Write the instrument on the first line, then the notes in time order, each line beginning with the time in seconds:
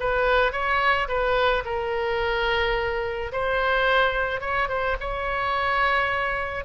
oboe
0.00 B4
0.53 C#5
1.08 B4
1.65 A#4
3.33 C5
4.41 C#5
4.69 C5
5.01 C#5